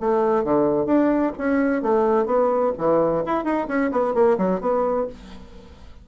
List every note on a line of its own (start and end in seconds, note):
0.00 0.44 A3
0.44 0.86 D3
0.86 1.32 D4
1.37 1.82 C#4
1.82 2.26 A3
2.26 2.72 B3
2.78 3.24 E3
3.26 3.44 E4
3.44 3.67 D#4
3.67 3.91 C#4
3.91 4.14 B3
4.14 4.37 A#3
4.38 4.60 F#3
4.60 5.07 B3